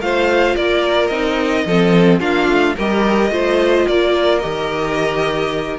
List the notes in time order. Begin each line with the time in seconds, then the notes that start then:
0.00 A3 F4 C5 F5
0.56 A#3 A#4 D5
1.08 C4 D#4 D#5
1.66 F3 C4 A4
2.20 A#3 D4 F4 F5
2.49 A3
2.77 G3 G4 A#4 D#5
3.31 A3 F4 C5
3.88 A#3 A#4 D5
4.40 D#3 G4 D#5